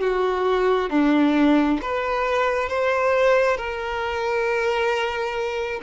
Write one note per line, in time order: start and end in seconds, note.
0.00 0.90 F#4
0.90 1.79 D4
1.82 2.69 B4
2.69 3.57 C5
3.57 5.80 A#4